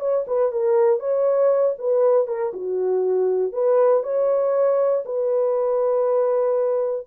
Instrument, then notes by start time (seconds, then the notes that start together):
horn
0.00 C#5
0.27 B4
0.52 A#4
1.00 C#5
1.78 B4
2.27 A#4
2.53 F#4
3.53 B4
4.03 C#5
5.05 B4